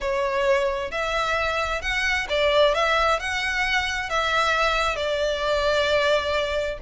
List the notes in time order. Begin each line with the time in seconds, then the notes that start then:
0.01 C#5
0.91 E5
1.81 F#5
2.29 D5
2.74 E5
3.19 F#5
4.09 E5
4.96 D5